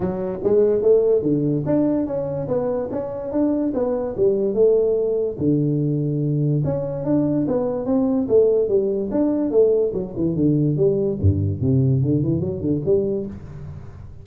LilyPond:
\new Staff \with { instrumentName = "tuba" } { \time 4/4 \tempo 4 = 145 fis4 gis4 a4 d4 | d'4 cis'4 b4 cis'4 | d'4 b4 g4 a4~ | a4 d2. |
cis'4 d'4 b4 c'4 | a4 g4 d'4 a4 | fis8 e8 d4 g4 g,4 | c4 d8 e8 fis8 d8 g4 | }